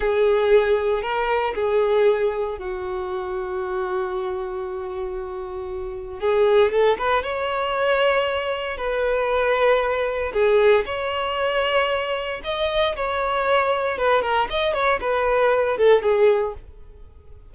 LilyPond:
\new Staff \with { instrumentName = "violin" } { \time 4/4 \tempo 4 = 116 gis'2 ais'4 gis'4~ | gis'4 fis'2.~ | fis'1 | gis'4 a'8 b'8 cis''2~ |
cis''4 b'2. | gis'4 cis''2. | dis''4 cis''2 b'8 ais'8 | dis''8 cis''8 b'4. a'8 gis'4 | }